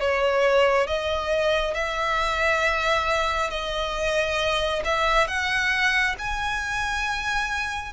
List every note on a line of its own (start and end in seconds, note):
0.00 0.87 C#5
0.87 1.74 D#5
1.74 3.50 E5
3.50 4.82 D#5
4.84 5.27 E5
5.27 6.15 F#5
6.18 7.93 G#5